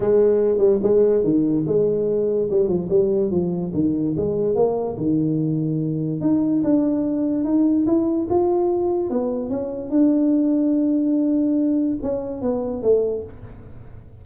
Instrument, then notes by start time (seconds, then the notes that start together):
tuba
0.00 G#3
0.58 G3
0.83 G#3
1.23 D#3
1.66 G#3
2.50 G3
2.67 F3
2.89 G3
3.30 F3
3.73 D#3
4.17 G#3
4.55 A#3
4.97 D#3
6.21 D#4
6.63 D4
7.44 D#4
7.86 E4
8.29 F4
9.09 B3
9.49 C#4
9.90 D4
12.02 C#4
12.41 B3
12.82 A3